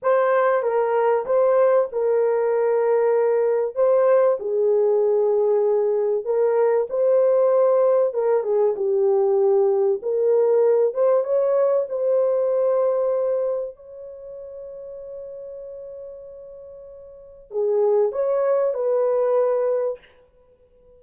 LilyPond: \new Staff \with { instrumentName = "horn" } { \time 4/4 \tempo 4 = 96 c''4 ais'4 c''4 ais'4~ | ais'2 c''4 gis'4~ | gis'2 ais'4 c''4~ | c''4 ais'8 gis'8 g'2 |
ais'4. c''8 cis''4 c''4~ | c''2 cis''2~ | cis''1 | gis'4 cis''4 b'2 | }